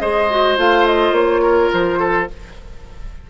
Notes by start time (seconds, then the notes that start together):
0.00 G#3 G#4 C5 D#5
0.30 F#4
0.57 A3 F4 F5
0.87 D#5
1.12 A#3 C#5
1.42 A#4
1.73 F3 C5
2.00 A4